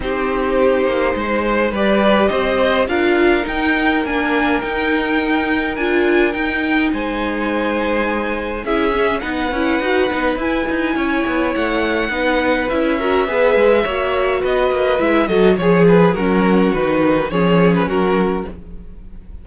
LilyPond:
<<
  \new Staff \with { instrumentName = "violin" } { \time 4/4 \tempo 4 = 104 c''2. d''4 | dis''4 f''4 g''4 gis''4 | g''2 gis''4 g''4 | gis''2. e''4 |
fis''2 gis''2 | fis''2 e''2~ | e''4 dis''4 e''8 dis''8 cis''8 b'8 | ais'4 b'4 cis''8. b'16 ais'4 | }
  \new Staff \with { instrumentName = "violin" } { \time 4/4 g'2 c''4 b'4 | c''4 ais'2.~ | ais'1 | c''2. gis'4 |
b'2. cis''4~ | cis''4 b'4. ais'8 b'4 | cis''4 b'4. a'8 gis'4 | fis'2 gis'4 fis'4 | }
  \new Staff \with { instrumentName = "viola" } { \time 4/4 dis'2. g'4~ | g'4 f'4 dis'4 d'4 | dis'2 f'4 dis'4~ | dis'2. e'8 cis'8 |
dis'8 e'8 fis'8 dis'8 e'2~ | e'4 dis'4 e'8 fis'8 gis'4 | fis'2 e'8 fis'8 gis'4 | cis'4 dis'4 cis'2 | }
  \new Staff \with { instrumentName = "cello" } { \time 4/4 c'4. ais8 gis4 g4 | c'4 d'4 dis'4 ais4 | dis'2 d'4 dis'4 | gis2. cis'4 |
b8 cis'8 dis'8 b8 e'8 dis'8 cis'8 b8 | a4 b4 cis'4 b8 gis8 | ais4 b8 ais8 gis8 fis8 f4 | fis4 dis4 f4 fis4 | }
>>